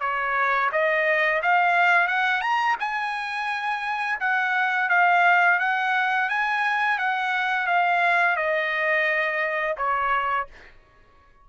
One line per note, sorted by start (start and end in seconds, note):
0.00 0.70 C#5
0.72 1.41 D#5
1.42 2.08 F5
2.08 2.41 F#5
2.41 2.76 A#5
2.79 4.19 G#5
4.20 4.89 F#5
4.89 5.59 F5
5.59 6.29 F#5
6.29 6.98 G#5
6.98 7.67 F#5
7.67 8.36 F5
8.36 9.76 D#5
9.77 10.47 C#5